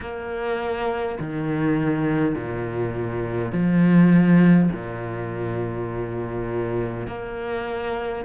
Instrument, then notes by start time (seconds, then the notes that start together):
cello
0.00 A#3
1.19 D#3
2.35 A#2
3.51 F3
4.72 A#2
7.07 A#3